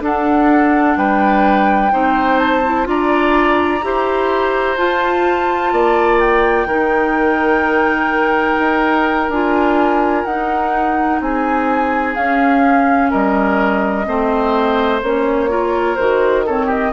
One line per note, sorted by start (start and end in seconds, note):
0.00 0.95 D4
0.00 1.91 D4
0.00 0.98 A4
0.00 0.97 F#5
0.96 1.92 G3
0.96 1.92 B4
0.96 2.38 G5
1.91 2.87 C4
1.91 2.63 D#4
1.91 2.87 C5
2.38 2.86 A5
2.65 2.85 E4
2.85 3.82 D4
2.85 3.80 F4
2.85 3.85 D5
2.85 4.78 A#5
3.83 4.77 E4
3.83 4.76 G4
3.83 5.73 C5
4.76 6.67 F4
4.76 5.72 F4
4.76 6.20 A5
5.72 6.66 A#3
5.72 6.67 D5
6.20 9.29 G5
6.66 8.56 D#3
6.66 9.31 D#4
6.66 11.20 A#4
8.59 9.29 D#4
9.29 10.24 D4
9.29 10.27 F4
9.29 10.24 G#5
10.24 11.20 D#4
10.24 12.16 D#4
10.24 11.20 F#5
11.21 12.16 C4
11.21 13.10 G#4
11.21 12.15 G#5
12.15 14.05 C#4
12.15 13.12 C#4
12.15 13.11 F5
13.10 14.07 G3
13.10 14.05 A#4
13.10 15.01 D#5
14.05 15.02 A3
14.05 15.00 C4
14.05 15.50 C5
15.02 15.98 A#3
15.02 15.49 C#4
15.02 15.96 C#5
15.49 15.97 F4
15.49 16.46 A#4
15.96 16.92 D#3
15.96 16.46 F#4
15.96 16.43 C5
16.46 16.92 C4
16.46 16.66 A4
16.46 16.70 C#5
16.66 16.90 G4
16.66 16.92 D#5